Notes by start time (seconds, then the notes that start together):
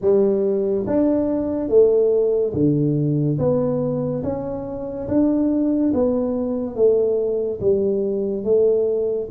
0.01 G3
0.86 D4
1.69 A3
2.53 D3
3.38 B3
4.23 C#4
5.07 D4
5.93 B3
6.75 A3
7.60 G3
8.44 A3